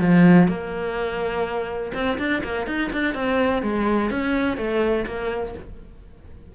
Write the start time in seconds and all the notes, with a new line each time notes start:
0.00 F3
0.48 A#3
1.94 C4
2.18 D4
2.43 A#3
2.66 D#4
2.92 D4
3.14 C4
3.62 G#3
4.10 C#4
4.57 A3
5.06 A#3